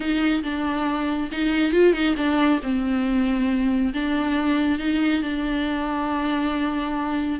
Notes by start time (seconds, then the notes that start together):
0.00 D#4
0.43 D4
1.31 D#4
1.72 F4
1.93 D#4
2.16 D4
2.62 C4
3.93 D4
4.78 D#4
5.22 D4